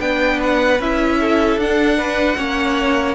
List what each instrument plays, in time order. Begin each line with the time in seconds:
0.00 cello B3, viola D4, violin B4 G5
0.43 violin F#5
0.80 cello C#4, viola E4, violin E5
1.21 violin A4
1.57 cello D4, viola D4, violin F#5
1.98 violin B4
2.37 cello A#3, viola C#4, violin C#5